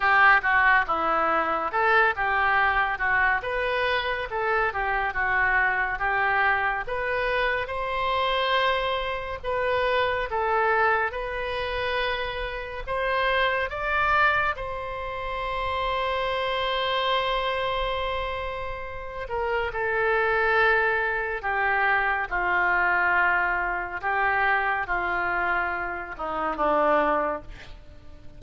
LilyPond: \new Staff \with { instrumentName = "oboe" } { \time 4/4 \tempo 4 = 70 g'8 fis'8 e'4 a'8 g'4 fis'8 | b'4 a'8 g'8 fis'4 g'4 | b'4 c''2 b'4 | a'4 b'2 c''4 |
d''4 c''2.~ | c''2~ c''8 ais'8 a'4~ | a'4 g'4 f'2 | g'4 f'4. dis'8 d'4 | }